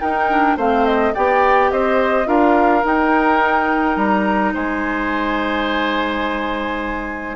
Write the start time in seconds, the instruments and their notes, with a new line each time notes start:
0.00 clarinet D#4, bassoon D#4, oboe A#4, flute G5
0.29 clarinet D4
0.56 bassoon A3, clarinet C4, oboe C5, flute F5
0.85 flute D#5
1.14 bassoon B3, clarinet G4, oboe D5, flute G5
1.71 bassoon C4, oboe C5, flute D#5
2.25 bassoon D4, clarinet F4, oboe A#4, flute F5
2.83 clarinet D#4, bassoon D#4, flute G5
3.96 bassoon G3, flute A#5
4.53 bassoon G#3, oboe C5, flute G#5